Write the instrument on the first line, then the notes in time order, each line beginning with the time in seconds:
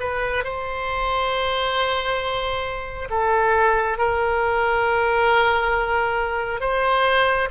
oboe
0.00 B4
0.44 C5
3.10 A4
3.98 A#4
6.61 C5